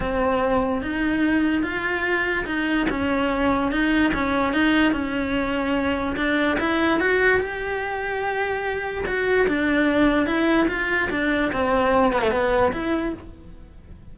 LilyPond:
\new Staff \with { instrumentName = "cello" } { \time 4/4 \tempo 4 = 146 c'2 dis'2 | f'2 dis'4 cis'4~ | cis'4 dis'4 cis'4 dis'4 | cis'2. d'4 |
e'4 fis'4 g'2~ | g'2 fis'4 d'4~ | d'4 e'4 f'4 d'4 | c'4. b16 a16 b4 e'4 | }